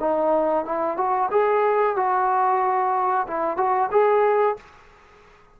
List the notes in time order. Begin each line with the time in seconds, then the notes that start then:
0.00 D#4
0.65 E4
0.97 F#4
1.31 G#4
1.96 F#4
3.28 E4
3.57 F#4
3.91 G#4